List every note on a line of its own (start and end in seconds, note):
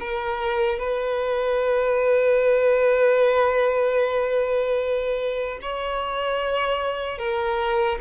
0.00 0.80 A#4
0.80 5.60 B4
5.62 7.19 C#5
7.19 7.99 A#4